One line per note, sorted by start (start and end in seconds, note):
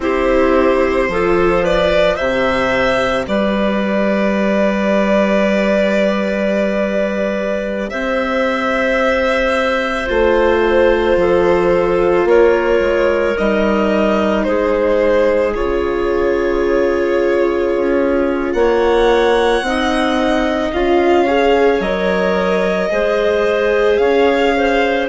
0.00 1.08 C4
0.00 1.10 E4
0.00 1.10 G4
0.00 1.64 C5
1.08 2.17 F3
1.08 2.17 F4
1.08 1.63 A4
1.63 2.15 B4
1.63 2.16 D5
2.15 3.27 C3
2.15 10.07 G4
2.15 3.24 C5
2.15 3.25 E5
3.27 7.90 G3
3.27 7.90 B4
3.27 7.89 D5
7.89 10.09 C4
7.89 11.17 C5
7.89 10.07 E5
10.07 11.16 A3
10.07 13.34 F4
10.07 12.28 C5
11.16 12.25 F3
11.16 12.27 A4
12.25 12.79 A#3
12.25 14.45 A#4
12.25 13.37 C#5
12.80 13.34 G#3
13.37 14.46 G3
13.37 15.55 D#4
13.37 14.43 D#5
14.43 15.55 G#3
14.43 18.56 G#4
14.43 15.52 C5
15.54 17.75 C#3
15.54 19.64 F4
15.54 18.52 C#5
17.75 18.54 C#4
18.52 19.61 A#3
18.52 19.65 C#5
18.52 20.70 F#5
19.61 20.70 C4
19.61 20.74 D#4
19.67 21.24 D#5
20.72 21.80 C#4
20.72 21.27 F4
20.72 21.81 F5
21.24 21.82 G#4
21.24 22.88 C#5
21.80 22.89 F#3
21.80 22.90 A#4
21.80 23.96 D#5
22.90 23.99 G#3
22.90 25.08 G#4
22.90 24.00 C5
23.96 25.08 C#4
23.96 24.54 C#5
23.96 25.05 F5
24.56 25.08 C5